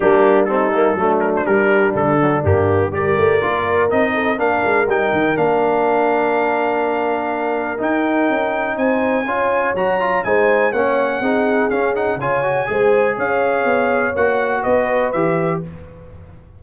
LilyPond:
<<
  \new Staff \with { instrumentName = "trumpet" } { \time 4/4 \tempo 4 = 123 g'4 a'4. ais'16 c''16 ais'4 | a'4 g'4 d''2 | dis''4 f''4 g''4 f''4~ | f''1 |
g''2 gis''2 | ais''4 gis''4 fis''2 | f''8 fis''8 gis''2 f''4~ | f''4 fis''4 dis''4 e''4 | }
  \new Staff \with { instrumentName = "horn" } { \time 4/4 d'4 dis'4 d'2~ | d'2 ais'2~ | ais'8 a'8 ais'2.~ | ais'1~ |
ais'2 c''4 cis''4~ | cis''4 c''4 cis''4 gis'4~ | gis'4 cis''4 c''4 cis''4~ | cis''2 b'2 | }
  \new Staff \with { instrumentName = "trombone" } { \time 4/4 ais4 c'8 ais8 a4 g4~ | g8 fis8 ais4 g'4 f'4 | dis'4 d'4 dis'4 d'4~ | d'1 |
dis'2. f'4 | fis'8 f'8 dis'4 cis'4 dis'4 | cis'8 dis'8 f'8 fis'8 gis'2~ | gis'4 fis'2 g'4 | }
  \new Staff \with { instrumentName = "tuba" } { \time 4/4 g2 fis4 g4 | d4 g,4 g8 a8 ais4 | c'4 ais8 gis8 g8 dis8 ais4~ | ais1 |
dis'4 cis'4 c'4 cis'4 | fis4 gis4 ais4 c'4 | cis'4 cis4 gis4 cis'4 | b4 ais4 b4 e4 | }
>>